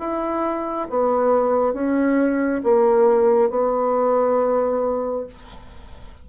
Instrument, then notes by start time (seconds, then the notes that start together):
bassoon
0.00 E4
0.90 B3
1.74 C#4
2.64 A#3
3.51 B3